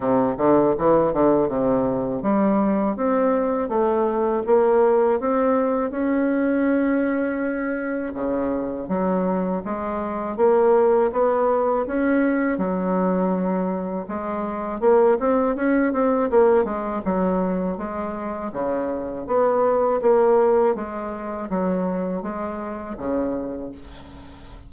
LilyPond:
\new Staff \with { instrumentName = "bassoon" } { \time 4/4 \tempo 4 = 81 c8 d8 e8 d8 c4 g4 | c'4 a4 ais4 c'4 | cis'2. cis4 | fis4 gis4 ais4 b4 |
cis'4 fis2 gis4 | ais8 c'8 cis'8 c'8 ais8 gis8 fis4 | gis4 cis4 b4 ais4 | gis4 fis4 gis4 cis4 | }